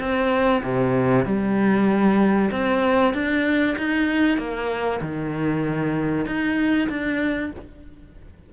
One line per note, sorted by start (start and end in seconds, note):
0.00 0.62 C4
0.63 1.26 C3
1.26 2.51 G3
2.51 3.14 C4
3.14 3.76 D4
3.78 4.38 D#4
4.38 5.01 A#3
5.02 6.26 D#3
6.26 6.89 D#4
6.89 7.52 D4